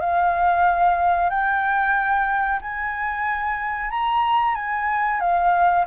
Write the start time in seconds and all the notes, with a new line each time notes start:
0.00 F5
1.30 G5
2.61 G#5
3.90 A#5
4.55 G#5
5.20 F5